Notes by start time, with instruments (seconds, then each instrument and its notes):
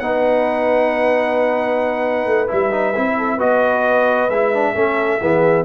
0.00 tuba B3, trombone D#4, horn B4, trumpet F#5
2.26 tuba A3
2.48 tuba G3, trombone E4, trumpet E5
2.72 trombone D#4
2.96 tuba C4, trombone E4
3.17 horn A4
3.37 tuba B3, trombone F#4, horn B4, trumpet D#5
4.29 tuba G#3, trombone E4, trumpet E5
4.54 trombone D4
4.75 tuba A3, trombone C#4, horn A4
5.21 tuba E3, trombone B3, horn G#4